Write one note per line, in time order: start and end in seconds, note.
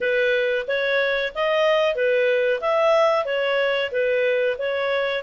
0.00 0.66 B4
0.67 1.33 C#5
1.34 1.95 D#5
1.95 2.60 B4
2.61 3.25 E5
3.25 3.90 C#5
3.91 4.56 B4
4.58 5.23 C#5